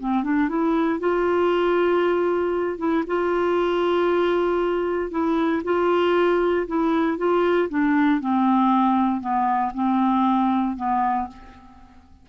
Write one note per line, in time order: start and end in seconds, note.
0.00 0.24 C4
0.24 0.48 D4
0.48 1.00 E4
1.00 2.78 F4
2.78 3.04 E4
3.07 5.11 F4
5.11 5.62 E4
5.64 6.67 F4
6.67 7.17 E4
7.17 7.69 F4
7.69 8.20 D4
8.20 9.21 C4
9.21 9.72 B3
9.74 10.76 C4
10.76 11.27 B3